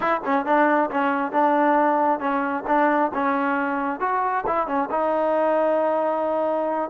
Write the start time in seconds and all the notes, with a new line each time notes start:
0.00 E4
0.24 C#4
0.45 D4
0.90 C#4
1.32 D4
2.19 C#4
2.67 D4
3.14 C#4
4.00 F#4
4.47 E4
4.67 C#4
4.90 D#4